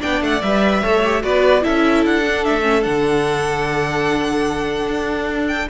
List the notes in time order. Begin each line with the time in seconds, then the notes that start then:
0.00 B3 D4 D5 G5
0.22 A3 F#5
0.42 G3 B4 E5
0.83 A3 A4 C#5
1.05 G4
1.22 B3 F#4 B4 D5
1.62 C#4 E4 A4 E5
2.06 D4 F#5
2.27 D4
2.45 A3 E5
2.62 C#4
2.82 D3 D4 F#5
4.88 D4
5.48 G5